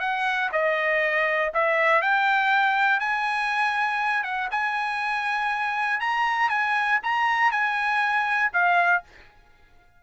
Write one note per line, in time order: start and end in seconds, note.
0.00 0.50 F#5
0.53 1.52 D#5
1.54 2.02 E5
2.02 3.00 G5
3.00 4.24 G#5
4.24 4.49 F#5
4.51 6.00 G#5
6.00 6.50 A#5
6.50 7.00 G#5
7.03 7.52 A#5
7.52 8.52 G#5
8.53 9.03 F5